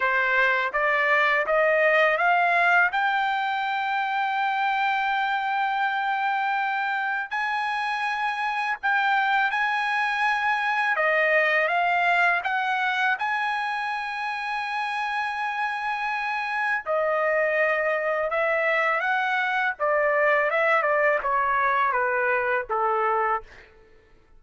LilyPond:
\new Staff \with { instrumentName = "trumpet" } { \time 4/4 \tempo 4 = 82 c''4 d''4 dis''4 f''4 | g''1~ | g''2 gis''2 | g''4 gis''2 dis''4 |
f''4 fis''4 gis''2~ | gis''2. dis''4~ | dis''4 e''4 fis''4 d''4 | e''8 d''8 cis''4 b'4 a'4 | }